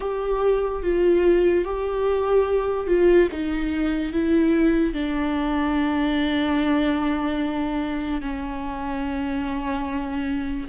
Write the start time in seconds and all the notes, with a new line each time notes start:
0.00 G4
0.82 F4
1.64 G4
2.87 F4
3.31 D#4
4.12 E4
4.93 D4
8.21 C#4